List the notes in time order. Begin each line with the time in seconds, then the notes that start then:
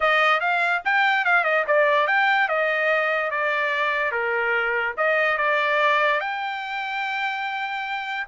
0.00 D#5
0.40 F5
0.84 G5
1.24 F5
1.44 D#5
1.67 D5
2.07 G5
2.48 D#5
3.30 D5
4.11 A#4
4.97 D#5
5.37 D5
6.20 G5